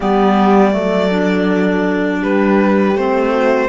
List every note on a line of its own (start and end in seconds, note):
0.00 0.74 G3
0.00 0.71 B3
0.00 0.71 G4
0.00 2.23 D5
0.71 2.22 F#3
0.71 1.08 A3
0.71 2.21 A4
1.10 2.96 D4
2.21 2.95 G3
2.21 3.32 G4
2.21 2.97 B4
2.95 3.68 A3
2.95 3.68 C4
2.95 3.68 C5
3.32 3.68 F#4